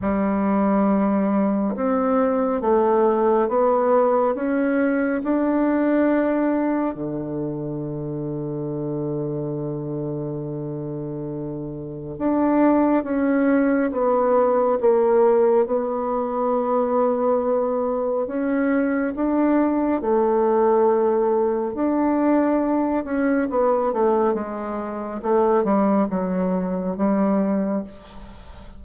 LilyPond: \new Staff \with { instrumentName = "bassoon" } { \time 4/4 \tempo 4 = 69 g2 c'4 a4 | b4 cis'4 d'2 | d1~ | d2 d'4 cis'4 |
b4 ais4 b2~ | b4 cis'4 d'4 a4~ | a4 d'4. cis'8 b8 a8 | gis4 a8 g8 fis4 g4 | }